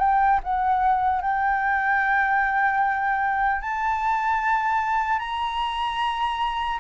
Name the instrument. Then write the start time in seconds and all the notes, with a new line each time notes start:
flute
0.00 G5
0.44 F#5
1.22 G5
3.62 A5
5.20 A#5